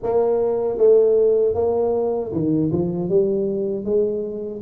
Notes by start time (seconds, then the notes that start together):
0.02 A#3
0.77 A3
1.54 A#3
2.32 D#3
2.72 F3
3.09 G3
3.85 G#3